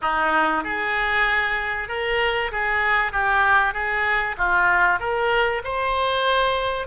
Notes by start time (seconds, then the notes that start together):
0.01 D#4
0.64 G#4
1.88 A#4
2.51 G#4
3.12 G4
3.73 G#4
4.37 F4
4.99 A#4
5.64 C5